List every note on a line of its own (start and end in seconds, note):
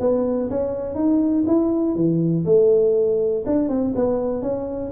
0.00 0.50 B3
0.50 0.95 C#4
0.95 1.45 D#4
1.47 1.95 E4
1.95 2.45 E3
2.45 3.45 A3
3.46 3.69 D4
3.69 3.94 C4
3.96 4.42 B3
4.42 4.92 C#4